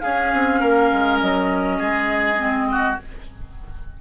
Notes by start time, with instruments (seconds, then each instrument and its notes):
0.00 clarinet C#4, bassoon C#4, oboe G#4, flute F5
0.33 bassoon C4
0.60 bassoon A#3, oboe A#4
0.92 bassoon G#3
1.20 bassoon F#3, flute D#5
1.78 bassoon G#3, oboe G#4
2.37 clarinet C4
2.71 oboe F#4